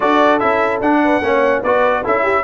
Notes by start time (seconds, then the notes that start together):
0.00 D4 F#4 A4 D5
0.39 C#4 E4 E5
0.79 D4 F#5
1.04 B4
1.22 A#3 C#4 C#5
1.61 B3 F#4 B4 D5
2.03 C#4 E4 A4 E5
2.22 G4